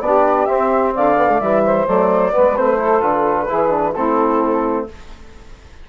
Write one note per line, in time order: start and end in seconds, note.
0.00 0.46 B3
0.00 0.47 D4
0.00 0.94 G4
0.00 0.45 D5
0.45 1.16 C4
0.45 0.94 C4
0.45 0.92 E5
0.94 1.41 D3
0.94 1.63 D5
0.94 1.40 F5
1.16 1.28 B3
1.30 1.40 A3
1.40 1.87 E3
1.40 1.86 G3
1.40 1.86 E5
1.65 2.32 C5
1.86 2.33 F#3
1.86 2.31 A3
1.86 2.56 D5
2.31 2.54 B3
2.31 2.78 B4
2.37 2.57 G#3
2.56 3.01 A3
2.56 2.77 C4
2.56 3.01 C5
2.77 3.00 E4
2.77 3.47 A4
3.00 3.48 D3
3.00 3.46 F4
3.00 3.93 B4
3.47 3.96 E3
3.47 3.69 E4
3.47 3.94 G#4
3.69 3.92 D4
3.94 4.89 A3
3.94 4.88 C4
3.94 4.87 E4
3.94 4.86 A4